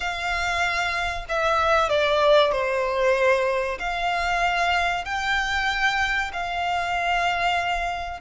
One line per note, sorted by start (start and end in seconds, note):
0.00 1.25 F5
1.28 1.89 E5
1.89 2.51 D5
2.51 3.78 C5
3.79 5.04 F5
5.04 6.31 G5
6.32 8.20 F5